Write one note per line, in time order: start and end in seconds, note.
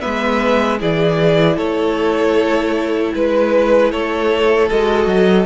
0.00 0.81 G#3
0.00 0.79 B3
0.00 0.79 B4
0.00 0.78 E5
0.79 1.57 E3
0.79 4.69 E4
0.79 1.56 G#4
0.79 1.57 D5
1.56 3.13 A3
1.56 3.12 A4
1.56 3.13 C#5
3.14 3.92 G#3
3.14 3.91 B4
3.14 3.92 B4
3.91 4.70 A3
3.91 5.46 A4
3.91 4.69 C#5
4.69 5.06 G#3
4.69 5.46 F#4
4.69 5.46 D#5
5.06 5.45 F#3